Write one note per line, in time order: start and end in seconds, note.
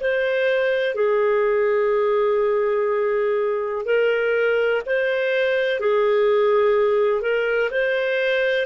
0.00 0.95 C5
0.95 3.85 G#4
3.85 4.82 A#4
4.86 5.79 C5
5.79 7.21 G#4
7.21 7.70 A#4
7.70 8.66 C5